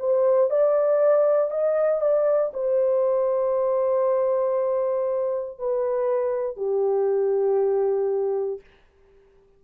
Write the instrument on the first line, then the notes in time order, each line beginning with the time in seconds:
horn
0.00 C5
0.51 D5
1.51 D#5
2.01 D5
2.54 C5
5.59 B4
6.57 G4